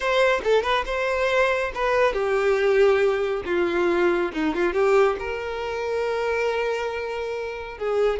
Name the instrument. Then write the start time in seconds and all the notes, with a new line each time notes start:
violin
0.00 C5
0.43 A4
0.63 B4
0.85 C5
1.74 B4
2.13 G4
3.45 F4
4.33 D#4
4.55 F4
4.73 G4
5.19 A#4
7.78 G#4